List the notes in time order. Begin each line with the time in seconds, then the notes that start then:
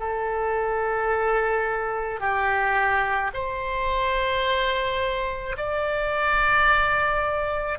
0.00 A4
2.20 G4
3.34 C5
5.57 D5